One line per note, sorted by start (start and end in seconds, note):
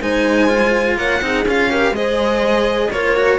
0.00 0.96 G#3
0.00 0.48 D#4
0.00 0.97 C5
0.00 0.97 G#5
0.48 1.21 F4
0.96 1.20 A#3
0.96 1.22 C#5
0.96 1.45 F#5
1.21 1.45 C4
1.21 1.46 D#4
1.21 1.70 G#4
1.45 1.91 C#4
1.45 1.70 F4
1.45 1.95 F5
1.70 1.94 G4
1.70 1.94 A#4
1.91 2.88 G#3
1.91 2.91 G#4
1.91 2.91 C5
1.91 2.91 D#5
2.90 3.38 A#3
2.90 3.16 F4
2.90 3.39 A#4
2.90 3.39 C#5
3.16 3.39 F#4